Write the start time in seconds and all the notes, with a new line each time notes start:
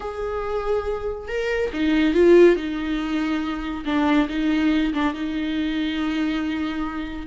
0.00 G#4
1.27 A#4
1.73 D#4
2.14 F4
2.56 D#4
3.85 D4
4.29 D#4
4.93 D4
5.14 D#4